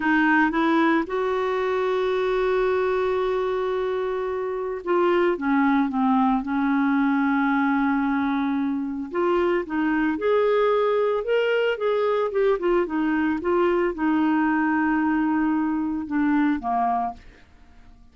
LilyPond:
\new Staff \with { instrumentName = "clarinet" } { \time 4/4 \tempo 4 = 112 dis'4 e'4 fis'2~ | fis'1~ | fis'4 f'4 cis'4 c'4 | cis'1~ |
cis'4 f'4 dis'4 gis'4~ | gis'4 ais'4 gis'4 g'8 f'8 | dis'4 f'4 dis'2~ | dis'2 d'4 ais4 | }